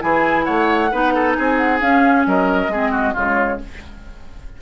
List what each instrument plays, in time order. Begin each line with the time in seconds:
0.00 bassoon E3, clarinet E4, oboe G#4, flute G#5
0.45 bassoon A3, oboe C#5, flute F#5
0.92 bassoon B3, clarinet D#4, oboe B4
1.15 oboe A4
1.35 bassoon C4, oboe G#4, flute G#5
1.57 flute F#5
1.81 clarinet C#4, bassoon C#4, flute F5
2.27 bassoon F#3, oboe A#4, flute D#5
2.68 bassoon G#3, clarinet C4, oboe G#4
2.92 oboe F#4
3.14 bassoon C#3, clarinet G#3, oboe F4, flute C#5